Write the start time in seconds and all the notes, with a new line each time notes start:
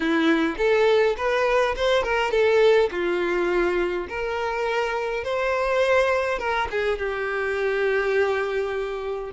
0.00 E4
0.57 A4
1.17 B4
1.76 C5
2.03 A#4
2.31 A4
2.91 F4
4.08 A#4
5.24 C5
6.38 A#4
6.70 G#4
6.98 G4